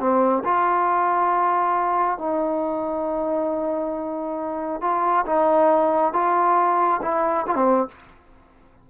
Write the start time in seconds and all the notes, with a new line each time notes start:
0.00 C4
0.45 F4
2.19 D#4
4.82 F4
5.27 D#4
6.14 F4
7.03 E4
7.47 F4
7.55 C4